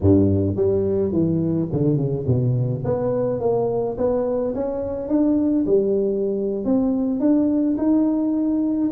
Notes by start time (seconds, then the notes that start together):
0.01 G2
0.56 G3
1.12 E3
1.72 D3
1.97 C#3
2.26 B2
2.84 B3
3.40 A#3
3.97 B3
4.54 C#4
5.08 D4
5.66 G3
6.65 C4
7.19 D4
7.77 D#4